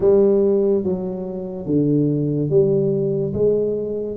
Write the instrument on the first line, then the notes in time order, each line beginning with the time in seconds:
tuba
0.00 G3
0.83 F#3
1.66 D3
2.49 G3
3.33 G#3